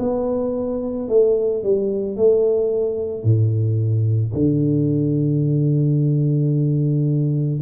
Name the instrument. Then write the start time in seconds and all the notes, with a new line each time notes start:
tuba
0.00 B3
1.09 A3
1.64 G3
2.17 A3
3.24 A2
4.34 D3